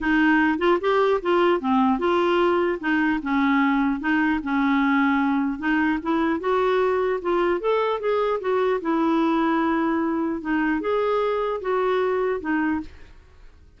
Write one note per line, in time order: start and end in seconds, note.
0.01 0.58 D#4
0.58 0.78 F4
0.80 1.20 G4
1.21 1.60 F4
1.60 1.98 C4
1.98 2.78 F4
2.80 3.20 D#4
3.22 4.00 C#4
4.00 4.40 D#4
4.43 5.58 C#4
5.58 5.98 D#4
6.02 6.40 E4
6.40 7.20 F#4
7.21 7.60 F4
7.60 8.00 A4
8.00 8.40 G#4
8.40 8.80 F#4
8.81 10.41 E4
10.41 10.80 D#4
10.80 11.60 G#4
11.61 12.40 F#4
12.40 12.80 D#4